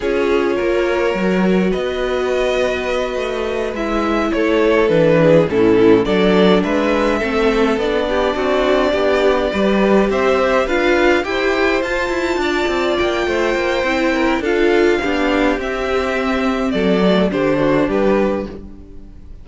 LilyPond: <<
  \new Staff \with { instrumentName = "violin" } { \time 4/4 \tempo 4 = 104 cis''2. dis''4~ | dis''2~ dis''8 e''4 cis''8~ | cis''8 b'4 a'4 d''4 e''8~ | e''4. d''2~ d''8~ |
d''4. e''4 f''4 g''8~ | g''8 a''2 g''4.~ | g''4 f''2 e''4~ | e''4 d''4 c''4 b'4 | }
  \new Staff \with { instrumentName = "violin" } { \time 4/4 gis'4 ais'2 b'4~ | b'2.~ b'8 a'8~ | a'4 gis'8 e'4 a'4 b'8~ | b'8 a'4. g'8 fis'4 g'8~ |
g'8 b'4 c''4 b'4 c''8~ | c''4. d''4. c''4~ | c''8 ais'8 a'4 g'2~ | g'4 a'4 g'8 fis'8 g'4 | }
  \new Staff \with { instrumentName = "viola" } { \time 4/4 f'2 fis'2~ | fis'2~ fis'8 e'4.~ | e'8 d'4 cis'4 d'4.~ | d'8 c'4 d'2~ d'8~ |
d'8 g'2 f'4 g'8~ | g'8 f'2.~ f'8 | e'4 f'4 d'4 c'4~ | c'4. a8 d'2 | }
  \new Staff \with { instrumentName = "cello" } { \time 4/4 cis'4 ais4 fis4 b4~ | b4. a4 gis4 a8~ | a8 e4 a,4 fis4 gis8~ | gis8 a4 b4 c'4 b8~ |
b8 g4 c'4 d'4 e'8~ | e'8 f'8 e'8 d'8 c'8 ais8 a8 ais8 | c'4 d'4 b4 c'4~ | c'4 fis4 d4 g4 | }
>>